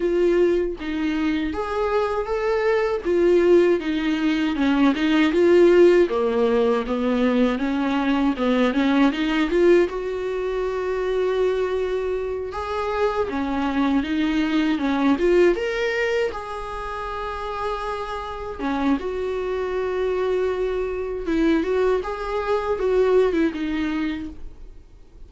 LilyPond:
\new Staff \with { instrumentName = "viola" } { \time 4/4 \tempo 4 = 79 f'4 dis'4 gis'4 a'4 | f'4 dis'4 cis'8 dis'8 f'4 | ais4 b4 cis'4 b8 cis'8 | dis'8 f'8 fis'2.~ |
fis'8 gis'4 cis'4 dis'4 cis'8 | f'8 ais'4 gis'2~ gis'8~ | gis'8 cis'8 fis'2. | e'8 fis'8 gis'4 fis'8. e'16 dis'4 | }